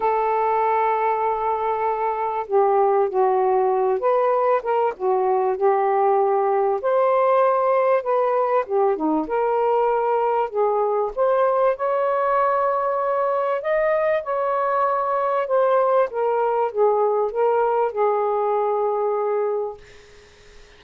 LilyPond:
\new Staff \with { instrumentName = "saxophone" } { \time 4/4 \tempo 4 = 97 a'1 | g'4 fis'4. b'4 ais'8 | fis'4 g'2 c''4~ | c''4 b'4 g'8 dis'8 ais'4~ |
ais'4 gis'4 c''4 cis''4~ | cis''2 dis''4 cis''4~ | cis''4 c''4 ais'4 gis'4 | ais'4 gis'2. | }